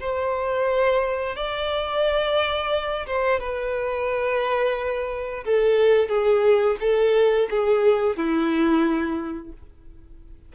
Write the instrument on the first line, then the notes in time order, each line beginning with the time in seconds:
violin
0.00 C5
1.36 D5
3.07 C5
3.39 B4
5.45 A4
6.08 G#4
6.80 A4
7.50 G#4
8.16 E4